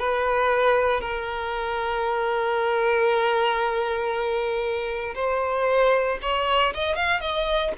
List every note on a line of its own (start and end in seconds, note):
0.00 1.01 B4
1.01 5.15 A#4
5.15 6.19 C5
6.23 6.74 C#5
6.75 6.96 D#5
6.96 7.21 F5
7.21 7.73 D#5